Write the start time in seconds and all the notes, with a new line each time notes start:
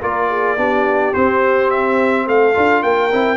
0.00 A#3 F4 A#4 D5
0.29 G#4
0.57 B3 D4 G4
1.14 C4 C5
1.70 E5
2.27 A3 A4 F5
2.54 D4 F4
2.83 A#3 A#4 G5
3.12 C4 E4